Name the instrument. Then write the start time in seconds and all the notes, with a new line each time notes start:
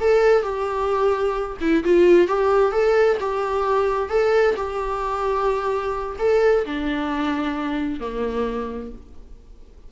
viola
0.00 A4
0.42 G4
1.61 E4
1.84 F4
2.27 G4
2.71 A4
3.20 G4
4.09 A4
4.56 G4
6.19 A4
6.65 D4
8.00 A#3